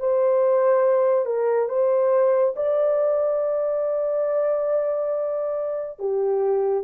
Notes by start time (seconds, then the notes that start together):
0.00 C5
1.26 A#4
1.69 C5
2.56 D5
5.99 G4